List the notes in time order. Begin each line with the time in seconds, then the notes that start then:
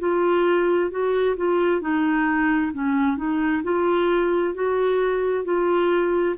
0.00 F4
0.91 F#4
1.37 F4
1.81 D#4
2.73 C#4
3.17 D#4
3.64 F4
4.55 F#4
5.45 F4